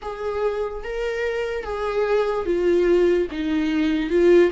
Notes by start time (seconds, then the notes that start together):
0.02 G#4
0.83 A#4
1.64 G#4
2.45 F4
3.31 D#4
4.09 F4